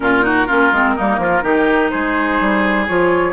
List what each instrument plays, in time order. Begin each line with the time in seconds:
0.00 bassoon A#2, clarinet C#4, oboe F4, flute A#4
0.21 clarinet D#4, oboe F#4
0.46 bassoon A#3, clarinet C#4, oboe F4
0.71 bassoon G#3, clarinet C4
0.95 bassoon G3, clarinet A#3, oboe D#4
1.18 bassoon F3, oboe F4
1.42 bassoon D#3, clarinet D#4, oboe G4
1.89 bassoon G#3, oboe G#4, flute C5
2.40 bassoon G3
2.87 bassoon F3, clarinet F4, flute C#5